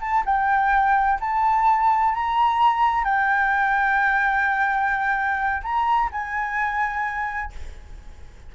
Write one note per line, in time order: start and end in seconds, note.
0.00 0.23 A5
0.25 1.19 G5
1.20 2.14 A5
2.14 3.04 A#5
3.04 5.62 G5
5.62 6.09 A#5
6.12 7.52 G#5